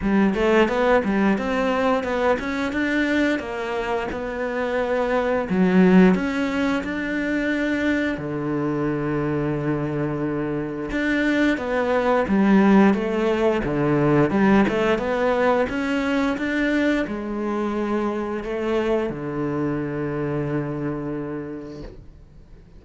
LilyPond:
\new Staff \with { instrumentName = "cello" } { \time 4/4 \tempo 4 = 88 g8 a8 b8 g8 c'4 b8 cis'8 | d'4 ais4 b2 | fis4 cis'4 d'2 | d1 |
d'4 b4 g4 a4 | d4 g8 a8 b4 cis'4 | d'4 gis2 a4 | d1 | }